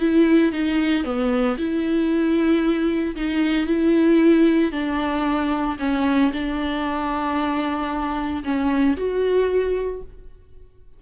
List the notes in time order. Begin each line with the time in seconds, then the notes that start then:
0.00 E4
0.52 D#4
1.04 B3
1.58 E4
3.16 D#4
3.67 E4
4.72 D4
5.79 C#4
6.33 D4
8.44 C#4
8.97 F#4